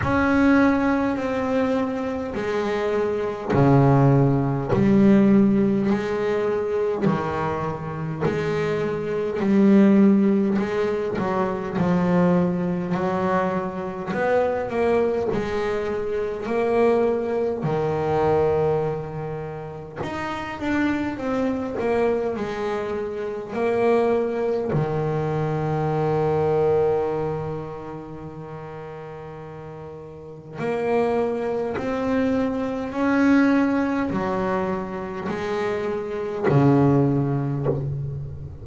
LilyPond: \new Staff \with { instrumentName = "double bass" } { \time 4/4 \tempo 4 = 51 cis'4 c'4 gis4 cis4 | g4 gis4 dis4 gis4 | g4 gis8 fis8 f4 fis4 | b8 ais8 gis4 ais4 dis4~ |
dis4 dis'8 d'8 c'8 ais8 gis4 | ais4 dis2.~ | dis2 ais4 c'4 | cis'4 fis4 gis4 cis4 | }